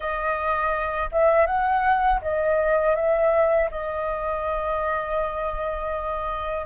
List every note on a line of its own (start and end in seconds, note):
0.00 1.09 D#5
1.11 1.46 E5
1.46 2.20 F#5
2.21 2.95 D#5
2.95 3.69 E5
3.70 6.66 D#5